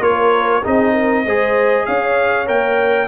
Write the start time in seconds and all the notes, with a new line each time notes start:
0.00 A#3 F4 A#4 C#5
0.64 C4 D#4 G#4 D#5
0.92 A#4
1.25 G#3 G#4 C5
1.85 C#4 C#5 F5
2.46 A#3 A#4 G5